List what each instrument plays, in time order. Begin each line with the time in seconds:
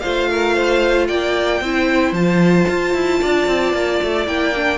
0.00 cello A3, viola F4, violin C5 F5
0.30 violin A#4
0.54 violin C5
1.07 cello A#3, violin D5 G5
1.61 cello C4, viola E4, violin C5
2.12 cello F3, viola F4, violin A5
2.68 cello F4
2.94 cello E4
3.21 cello D4, violin D5
3.47 cello C4
3.72 cello A#3
4.02 cello A3
4.27 cello A#3, viola E4, violin G5
4.56 viola D4